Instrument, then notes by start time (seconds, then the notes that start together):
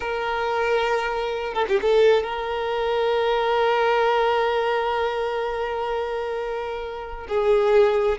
violin
0.00 A#4
1.53 A4
1.68 G4
1.81 A4
2.23 A#4
7.28 G#4